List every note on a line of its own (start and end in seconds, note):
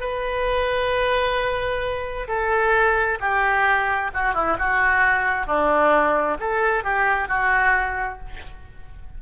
0.00 2.27 B4
2.27 3.18 A4
3.20 4.11 G4
4.14 4.34 F#4
4.34 4.57 E4
4.58 5.46 F#4
5.46 6.37 D4
6.40 6.83 A4
6.83 7.28 G4
7.28 8.19 F#4